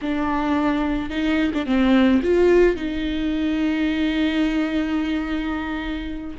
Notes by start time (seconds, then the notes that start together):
0.01 D4
1.10 D#4
1.54 D4
1.66 C4
2.22 F4
2.76 D#4